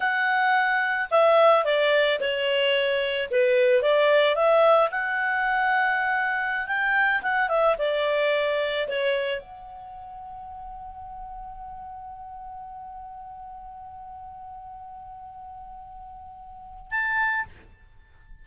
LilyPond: \new Staff \with { instrumentName = "clarinet" } { \time 4/4 \tempo 4 = 110 fis''2 e''4 d''4 | cis''2 b'4 d''4 | e''4 fis''2.~ | fis''16 g''4 fis''8 e''8 d''4.~ d''16~ |
d''16 cis''4 fis''2~ fis''8.~ | fis''1~ | fis''1~ | fis''2. a''4 | }